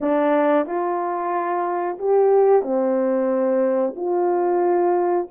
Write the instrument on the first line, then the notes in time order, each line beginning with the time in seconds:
horn
0.01 D4
0.66 F4
1.98 G4
2.62 C4
3.96 F4